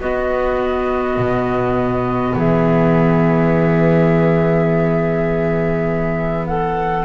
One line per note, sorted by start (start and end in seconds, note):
0.00 1.17 B3
0.00 7.05 B3
0.00 2.36 F#4
0.00 2.37 D#5
1.17 2.35 B2
2.36 7.05 E3
2.36 6.48 G#4
2.36 6.47 E5
6.47 7.05 A4
6.47 7.05 F#5